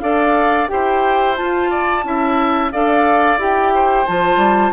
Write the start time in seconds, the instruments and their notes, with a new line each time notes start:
0.00 bassoon D4, clarinet A4, oboe D5, flute F5
0.68 bassoon E4, clarinet G4, oboe C5, flute G5
1.36 clarinet F4, bassoon F4, flute A5
1.70 oboe D5
2.03 bassoon C#4, clarinet E4, oboe E5
2.72 bassoon D4, clarinet A4, oboe D5, flute F5
3.38 bassoon E4, clarinet G4, flute G5
3.74 oboe C5
4.06 bassoon F3, clarinet F4, flute A5
4.37 bassoon G3